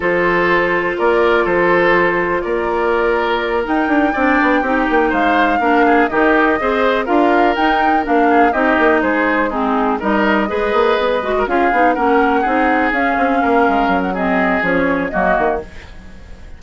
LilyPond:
<<
  \new Staff \with { instrumentName = "flute" } { \time 4/4 \tempo 4 = 123 c''2 d''4 c''4~ | c''4 d''2~ d''8 g''8~ | g''2~ g''8 f''4.~ | f''8 dis''2 f''4 g''8~ |
g''8 f''4 dis''4 c''4 gis'8~ | gis'8 dis''2. f''8~ | f''8 fis''2 f''4.~ | f''8. fis''16 dis''4 cis''4 dis''4 | }
  \new Staff \with { instrumentName = "oboe" } { \time 4/4 a'2 ais'4 a'4~ | a'4 ais'2.~ | ais'8 d''4 g'4 c''4 ais'8 | gis'8 g'4 c''4 ais'4.~ |
ais'4 gis'8 g'4 gis'4 dis'8~ | dis'8 ais'4 b'4.~ b'16 ais'16 gis'8~ | gis'8 ais'4 gis'2 ais'8~ | ais'4 gis'2 fis'4 | }
  \new Staff \with { instrumentName = "clarinet" } { \time 4/4 f'1~ | f'2.~ f'8 dis'8~ | dis'8 d'4 dis'2 d'8~ | d'8 dis'4 gis'4 f'4 dis'8~ |
dis'8 d'4 dis'2 c'8~ | c'8 dis'4 gis'4. fis'8 f'8 | dis'8 cis'4 dis'4 cis'4.~ | cis'4 c'4 cis'4 ais4 | }
  \new Staff \with { instrumentName = "bassoon" } { \time 4/4 f2 ais4 f4~ | f4 ais2~ ais8 dis'8 | d'8 c'8 b8 c'8 ais8 gis4 ais8~ | ais8 dis4 c'4 d'4 dis'8~ |
dis'8 ais4 c'8 ais8 gis4.~ | gis8 g4 gis8 ais8 b8 gis8 cis'8 | b8 ais4 c'4 cis'8 c'8 ais8 | gis8 fis4. f4 fis8 dis8 | }
>>